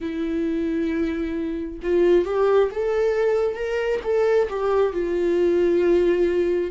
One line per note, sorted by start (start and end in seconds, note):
0.00 1.80 E4
1.82 2.25 F4
2.25 2.70 G4
2.71 3.55 A4
3.55 4.00 A#4
4.03 4.48 A4
4.49 4.93 G4
4.93 6.70 F4